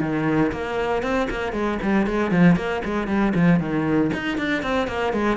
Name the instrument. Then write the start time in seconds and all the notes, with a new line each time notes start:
cello
0.00 D#3
0.52 A#3
1.02 C4
1.30 A#3
1.52 G#3
1.82 G3
2.06 G#3
2.31 F3
2.56 A#3
2.84 G#3
3.07 G3
3.35 F3
3.59 D#3
4.13 D#4
4.38 D4
4.62 C4
4.87 A#3
5.13 G#3